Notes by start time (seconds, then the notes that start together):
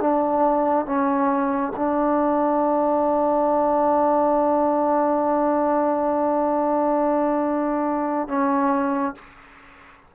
0.00 D4
0.85 C#4
1.76 D4
8.28 C#4